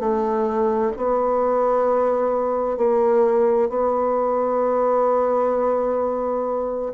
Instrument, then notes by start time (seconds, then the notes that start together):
bassoon
0.00 A3
0.97 B3
2.77 A#3
3.70 B3